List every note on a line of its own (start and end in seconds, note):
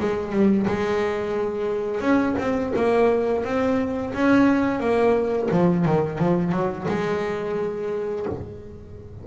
0.00 0.32 G#3
0.32 0.67 G3
0.67 2.01 G#3
2.01 2.35 C#4
2.39 2.73 C4
2.76 3.45 A#3
3.45 4.13 C4
4.14 4.80 C#4
4.80 5.49 A#3
5.51 5.86 F3
5.86 6.18 D#3
6.18 6.52 F3
6.52 6.87 F#3
6.88 8.26 G#3